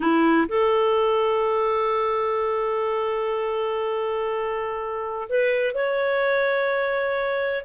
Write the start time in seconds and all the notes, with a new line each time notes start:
0.00 E4
0.48 A4
5.29 B4
5.74 C#5